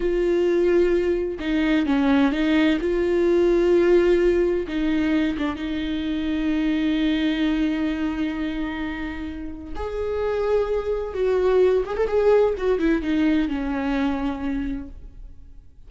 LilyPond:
\new Staff \with { instrumentName = "viola" } { \time 4/4 \tempo 4 = 129 f'2. dis'4 | cis'4 dis'4 f'2~ | f'2 dis'4. d'8 | dis'1~ |
dis'1~ | dis'4 gis'2. | fis'4. gis'16 a'16 gis'4 fis'8 e'8 | dis'4 cis'2. | }